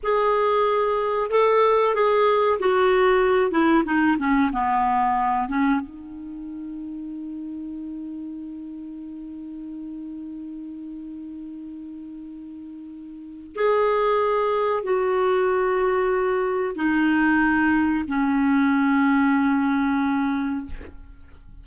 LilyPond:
\new Staff \with { instrumentName = "clarinet" } { \time 4/4 \tempo 4 = 93 gis'2 a'4 gis'4 | fis'4. e'8 dis'8 cis'8 b4~ | b8 cis'8 dis'2.~ | dis'1~ |
dis'1~ | dis'4 gis'2 fis'4~ | fis'2 dis'2 | cis'1 | }